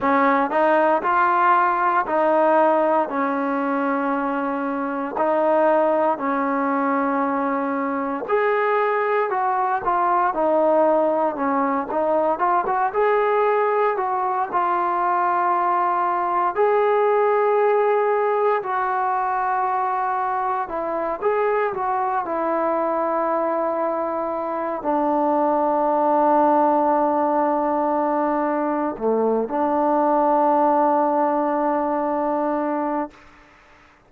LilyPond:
\new Staff \with { instrumentName = "trombone" } { \time 4/4 \tempo 4 = 58 cis'8 dis'8 f'4 dis'4 cis'4~ | cis'4 dis'4 cis'2 | gis'4 fis'8 f'8 dis'4 cis'8 dis'8 | f'16 fis'16 gis'4 fis'8 f'2 |
gis'2 fis'2 | e'8 gis'8 fis'8 e'2~ e'8 | d'1 | a8 d'2.~ d'8 | }